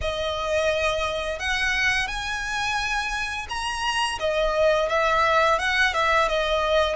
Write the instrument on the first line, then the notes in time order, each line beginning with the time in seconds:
violin
0.01 D#5
1.39 F#5
2.07 G#5
3.49 A#5
4.19 D#5
4.88 E5
5.58 F#5
5.93 E5
6.28 D#5